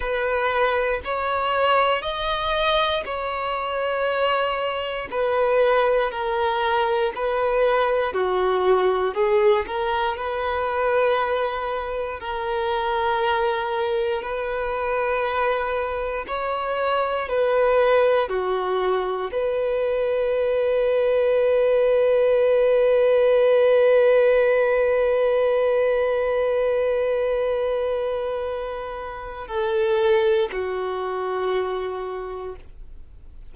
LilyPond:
\new Staff \with { instrumentName = "violin" } { \time 4/4 \tempo 4 = 59 b'4 cis''4 dis''4 cis''4~ | cis''4 b'4 ais'4 b'4 | fis'4 gis'8 ais'8 b'2 | ais'2 b'2 |
cis''4 b'4 fis'4 b'4~ | b'1~ | b'1~ | b'4 a'4 fis'2 | }